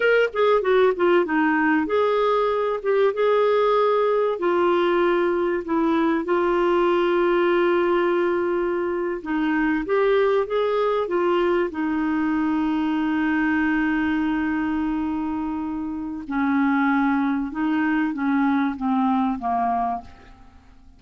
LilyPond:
\new Staff \with { instrumentName = "clarinet" } { \time 4/4 \tempo 4 = 96 ais'8 gis'8 fis'8 f'8 dis'4 gis'4~ | gis'8 g'8 gis'2 f'4~ | f'4 e'4 f'2~ | f'2~ f'8. dis'4 g'16~ |
g'8. gis'4 f'4 dis'4~ dis'16~ | dis'1~ | dis'2 cis'2 | dis'4 cis'4 c'4 ais4 | }